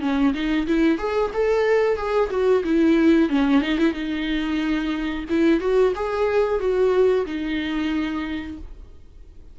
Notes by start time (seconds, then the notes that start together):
0.00 C#4
0.33 D#4
0.67 E4
0.98 G#4
1.33 A4
1.97 G#4
2.30 F#4
2.64 E4
3.29 C#4
3.61 D#4
3.78 E4
3.93 D#4
5.29 E4
5.60 F#4
5.95 G#4
6.59 F#4
7.25 D#4